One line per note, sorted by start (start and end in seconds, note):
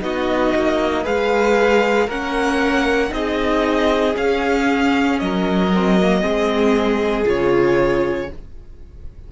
0.00 0.53 B3
0.00 1.03 D#4
0.00 1.03 F#4
0.00 1.06 D#5
0.56 1.06 A#3
1.03 2.08 G#3
1.03 2.08 G#4
1.03 2.07 B4
1.03 2.09 F5
2.07 3.12 A#3
2.07 3.10 C#4
2.07 3.10 A#4
2.07 3.13 F#5
3.10 4.16 C4
3.10 4.13 D#4
3.10 5.22 G#4
3.10 4.16 D#5
4.15 5.70 C#4
4.15 5.21 C#4
4.15 5.19 F5
5.19 6.25 F#3
5.19 6.21 A#4
5.19 7.26 D#5
5.74 6.00 C4
6.02 6.21 A#3
6.21 7.26 G#3
6.21 7.25 C4
6.21 8.28 G#4
7.25 8.29 C#3
7.25 8.28 F4
7.25 8.32 C#5